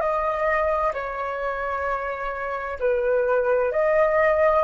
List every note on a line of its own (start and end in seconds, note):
0.00 0.92 D#5
0.94 2.78 C#5
2.79 3.72 B4
3.72 4.64 D#5